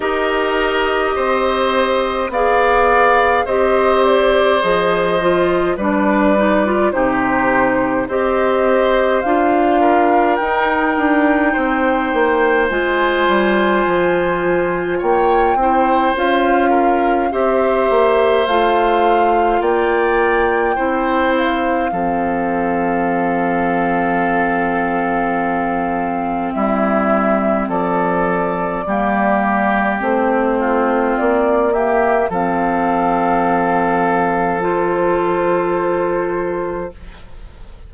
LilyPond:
<<
  \new Staff \with { instrumentName = "flute" } { \time 4/4 \tempo 4 = 52 dis''2 f''4 dis''8 d''8 | dis''4 d''4 c''4 dis''4 | f''4 g''2 gis''4~ | gis''4 g''4 f''4 e''4 |
f''4 g''4. f''4.~ | f''2. e''4 | d''2 c''4 d''8 e''8 | f''2 c''2 | }
  \new Staff \with { instrumentName = "oboe" } { \time 4/4 ais'4 c''4 d''4 c''4~ | c''4 b'4 g'4 c''4~ | c''8 ais'4. c''2~ | c''4 cis''8 c''4 ais'8 c''4~ |
c''4 d''4 c''4 a'4~ | a'2. e'4 | a'4 g'4. f'4 g'8 | a'1 | }
  \new Staff \with { instrumentName = "clarinet" } { \time 4/4 g'2 gis'4 g'4 | gis'8 f'8 d'8 dis'16 f'16 dis'4 g'4 | f'4 dis'2 f'4~ | f'4. e'8 f'4 g'4 |
f'2 e'4 c'4~ | c'1~ | c'4 ais4 c'4. ais8 | c'2 f'2 | }
  \new Staff \with { instrumentName = "bassoon" } { \time 4/4 dis'4 c'4 b4 c'4 | f4 g4 c4 c'4 | d'4 dis'8 d'8 c'8 ais8 gis8 g8 | f4 ais8 c'8 cis'4 c'8 ais8 |
a4 ais4 c'4 f4~ | f2. g4 | f4 g4 a4 ais4 | f1 | }
>>